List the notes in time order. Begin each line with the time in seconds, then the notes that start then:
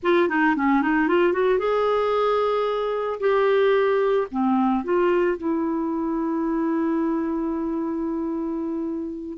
0.02 F4
0.28 D#4
0.56 C#4
0.82 D#4
1.08 F4
1.33 F#4
1.59 G#4
3.20 G4
4.31 C4
4.84 F4
5.37 E4